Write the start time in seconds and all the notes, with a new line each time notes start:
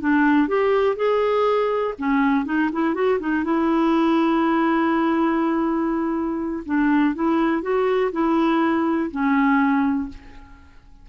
0.00 D4
0.48 G4
0.96 G#4
1.98 C#4
2.45 D#4
2.72 E4
2.94 F#4
3.19 D#4
3.44 E4
6.65 D4
7.14 E4
7.62 F#4
8.12 E4
9.11 C#4